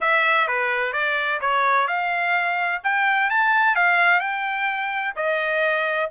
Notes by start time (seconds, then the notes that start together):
0.00 E5
0.47 B4
0.93 D5
1.40 C#5
1.87 F5
2.83 G5
3.29 A5
3.75 F5
4.20 G5
5.16 D#5